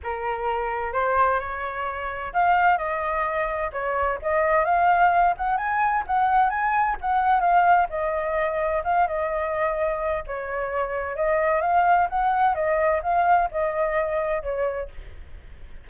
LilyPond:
\new Staff \with { instrumentName = "flute" } { \time 4/4 \tempo 4 = 129 ais'2 c''4 cis''4~ | cis''4 f''4 dis''2 | cis''4 dis''4 f''4. fis''8 | gis''4 fis''4 gis''4 fis''4 |
f''4 dis''2 f''8 dis''8~ | dis''2 cis''2 | dis''4 f''4 fis''4 dis''4 | f''4 dis''2 cis''4 | }